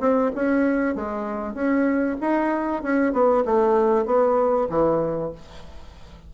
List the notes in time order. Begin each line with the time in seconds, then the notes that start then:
0.00 C4
0.36 C#4
0.95 G#3
1.54 C#4
2.21 D#4
2.83 C#4
3.13 B3
3.45 A3
4.05 B3
4.70 E3